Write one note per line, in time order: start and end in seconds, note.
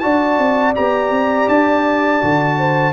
0.00 0.39 D4
0.00 0.75 F#4
0.00 2.58 D5
0.00 0.73 A5
0.39 0.75 C4
0.76 1.11 B3
0.76 2.21 G4
0.76 1.49 A#5
1.11 1.47 C4
1.49 2.22 D4
1.49 2.93 A5
2.21 2.93 D3
2.21 2.93 F#4
2.58 2.93 C5